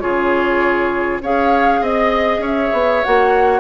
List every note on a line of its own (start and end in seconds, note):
0.00 1.22 C#3
0.00 1.21 F4
0.00 1.23 G#4
0.00 1.20 C#5
1.22 1.81 C#4
1.22 3.04 G#4
1.22 1.81 C#5
1.22 1.84 F5
1.81 2.39 C4
1.81 2.41 D#5
1.81 2.44 D#5
2.39 2.69 C#4
2.39 3.60 C#5
2.46 3.04 E5
2.72 3.02 B3
3.04 3.60 A#3
3.04 3.60 F#4
3.04 3.60 F#5